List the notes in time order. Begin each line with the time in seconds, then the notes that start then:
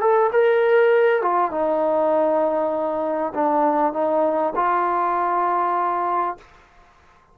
0.00 A4
0.32 A#4
1.21 F4
1.51 D#4
3.34 D4
3.93 D#4
4.55 F4